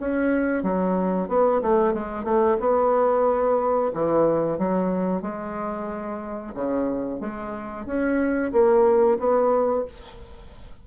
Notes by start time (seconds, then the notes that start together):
0.00 C#4
0.63 F#3
1.28 B3
1.62 A3
1.94 G#3
2.24 A3
2.60 B3
3.94 E3
4.58 F#3
5.22 G#3
6.54 C#3
7.20 G#3
7.86 C#4
8.52 A#3
9.19 B3